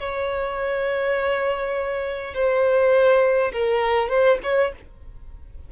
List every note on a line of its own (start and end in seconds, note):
0.00 2.35 C#5
2.35 3.52 C5
3.53 4.09 A#4
4.09 4.39 C5
4.43 4.73 C#5